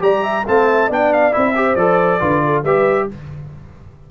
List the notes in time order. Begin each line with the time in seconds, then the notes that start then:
0.00 G3 G4 D5 A#5
0.23 E5
0.46 A3 C4 F5 A5
0.67 E5
0.87 B3 D4 D5 G5
1.13 F5
1.32 C4 E4 E5
1.55 G4 C5
1.76 F3 A4 D5
2.20 D3 F4 B4
2.45 A4
2.64 G3 G4 B4 E5